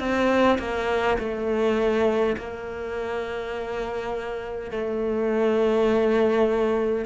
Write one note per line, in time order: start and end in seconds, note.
0.00 0.59 C4
0.59 1.18 A#3
1.19 2.36 A3
2.38 4.72 A#3
4.72 7.06 A3